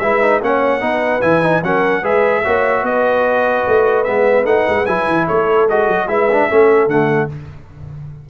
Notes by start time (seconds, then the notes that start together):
0.00 G#3 E4 B4 E5
0.22 D#4
0.42 A#3 C#4 C#5 F#5
0.81 B3 D#4 B4
1.22 E3 E4 G#5
1.43 D#4
1.63 F#3 C#4 A#4 F#5
2.03 G#3 G#4 B4 E5
2.44 A#3 F#4 C#5
2.83 B3 B4 D#5
3.68 A3
4.04 G#3 B3 E5
4.45 A3 D#4 F#5
4.69 G#3
4.86 F#3 E4 G#5
5.08 E3
5.26 A3 A4 C#5
5.70 G#3 F#4 D#5
5.88 F#3
6.07 G#3 E4 B4 E5
6.32 D4
6.49 A3 C#4 A4
6.88 D3 A3 F#5